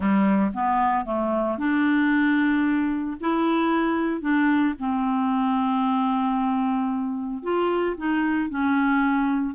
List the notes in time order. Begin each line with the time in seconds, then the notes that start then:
0.00 G3
0.54 B3
1.05 A3
1.57 D4
3.20 E4
4.21 D4
4.79 C4
7.42 F4
7.97 D#4
8.49 C#4